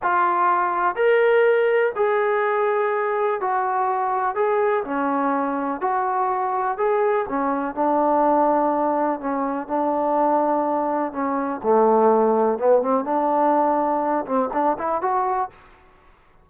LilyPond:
\new Staff \with { instrumentName = "trombone" } { \time 4/4 \tempo 4 = 124 f'2 ais'2 | gis'2. fis'4~ | fis'4 gis'4 cis'2 | fis'2 gis'4 cis'4 |
d'2. cis'4 | d'2. cis'4 | a2 b8 c'8 d'4~ | d'4. c'8 d'8 e'8 fis'4 | }